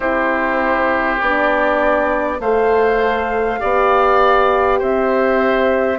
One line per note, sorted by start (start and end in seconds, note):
0.00 1.19 C4
0.00 1.20 E4
0.00 2.37 G4
0.00 1.20 C5
1.20 2.39 B3
1.20 2.41 D4
1.20 2.40 D5
2.39 3.59 A3
2.39 3.59 A4
2.39 3.60 C5
2.39 4.80 F5
3.59 4.81 B3
3.59 5.98 G4
3.59 4.78 D5
4.78 5.98 C4
4.78 5.98 C5
4.78 5.98 E5